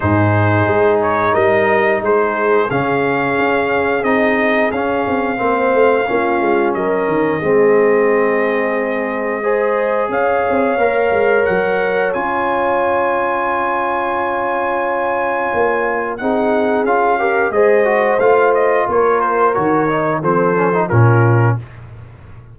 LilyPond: <<
  \new Staff \with { instrumentName = "trumpet" } { \time 4/4 \tempo 4 = 89 c''4. cis''8 dis''4 c''4 | f''2 dis''4 f''4~ | f''2 dis''2~ | dis''2. f''4~ |
f''4 fis''4 gis''2~ | gis''1 | fis''4 f''4 dis''4 f''8 dis''8 | cis''8 c''8 cis''4 c''4 ais'4 | }
  \new Staff \with { instrumentName = "horn" } { \time 4/4 gis'2 ais'4 gis'4~ | gis'1 | c''4 f'4 ais'4 gis'4~ | gis'2 c''4 cis''4~ |
cis''1~ | cis''1 | gis'4. ais'8 c''2 | ais'2 a'4 f'4 | }
  \new Staff \with { instrumentName = "trombone" } { \time 4/4 dis'1 | cis'2 dis'4 cis'4 | c'4 cis'2 c'4~ | c'2 gis'2 |
ais'2 f'2~ | f'1 | dis'4 f'8 g'8 gis'8 fis'8 f'4~ | f'4 fis'8 dis'8 c'8 cis'16 dis'16 cis'4 | }
  \new Staff \with { instrumentName = "tuba" } { \time 4/4 gis,4 gis4 g4 gis4 | cis4 cis'4 c'4 cis'8 c'8 | ais8 a8 ais8 gis8 fis8 dis8 gis4~ | gis2. cis'8 c'8 |
ais8 gis8 fis4 cis'2~ | cis'2. ais4 | c'4 cis'4 gis4 a4 | ais4 dis4 f4 ais,4 | }
>>